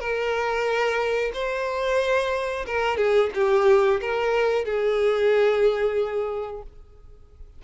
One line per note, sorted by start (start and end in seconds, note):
0.00 1.32 A#4
1.34 2.66 C5
2.67 2.97 A#4
2.97 3.30 G#4
3.34 4.00 G4
4.01 4.65 A#4
4.65 6.62 G#4